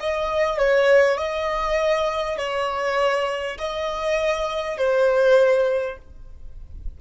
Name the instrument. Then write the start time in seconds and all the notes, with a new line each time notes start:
violin
0.00 D#5
0.58 C#5
1.18 D#5
2.38 C#5
3.58 D#5
4.78 C5